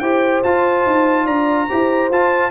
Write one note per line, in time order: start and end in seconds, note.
0.00 0.43 E4
0.00 0.44 G4
0.00 1.24 C5
0.00 0.42 G5
0.43 0.86 F4
0.43 1.70 F4
0.43 1.27 A5
0.86 1.27 D#4
1.24 1.69 D4
1.24 1.66 D5
1.24 2.10 A#5
1.69 2.10 E4
1.69 2.11 G4
1.69 2.51 C5
2.10 2.51 F4
2.10 2.51 A5